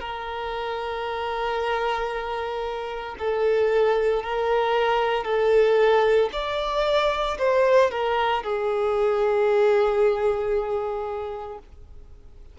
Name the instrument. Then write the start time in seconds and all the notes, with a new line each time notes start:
violin
0.00 A#4
3.19 A4
4.23 A#4
5.24 A4
6.33 D5
7.38 C5
7.91 A#4
8.43 G#4